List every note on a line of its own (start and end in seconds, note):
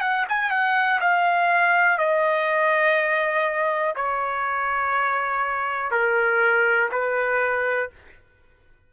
0.00 0.25 F#5
0.28 0.50 G#5
0.50 0.99 F#5
1.00 1.98 F5
1.98 3.94 D#5
3.95 5.91 C#5
5.91 6.89 A#4
6.91 7.90 B4